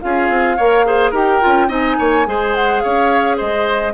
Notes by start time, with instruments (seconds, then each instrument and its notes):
0.00 bassoon C#4, clarinet F4, oboe G#4, flute F5
0.29 bassoon C4
0.57 bassoon A#3, clarinet A#4, oboe C#5
0.86 clarinet G#4, oboe C5
1.11 bassoon D#4, clarinet G4, oboe A#4, flute G5
1.41 bassoon C#4, clarinet F4
1.68 bassoon C4, clarinet D#4, oboe D#5, flute G#5
1.98 bassoon A#3, oboe C#5
2.26 bassoon G#3, clarinet G#4, oboe C5
2.55 flute F#5
2.80 bassoon C#4, oboe C#5, flute F5
3.37 bassoon G#3, oboe C5, flute D#5